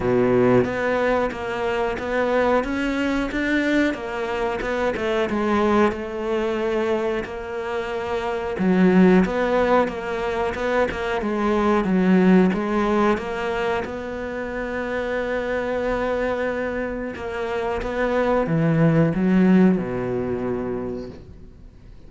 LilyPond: \new Staff \with { instrumentName = "cello" } { \time 4/4 \tempo 4 = 91 b,4 b4 ais4 b4 | cis'4 d'4 ais4 b8 a8 | gis4 a2 ais4~ | ais4 fis4 b4 ais4 |
b8 ais8 gis4 fis4 gis4 | ais4 b2.~ | b2 ais4 b4 | e4 fis4 b,2 | }